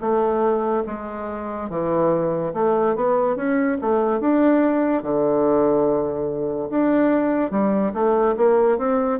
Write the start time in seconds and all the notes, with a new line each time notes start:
0.00 A3
0.86 G#3
1.69 E3
2.53 A3
2.95 B3
3.36 C#4
3.81 A3
4.19 D4
5.02 D3
6.69 D4
7.50 G3
7.93 A3
8.36 A#3
8.78 C4